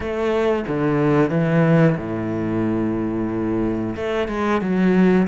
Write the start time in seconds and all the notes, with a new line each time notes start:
0.00 A3
0.67 D3
1.29 E3
1.97 A2
3.96 A3
4.28 G#3
4.61 F#3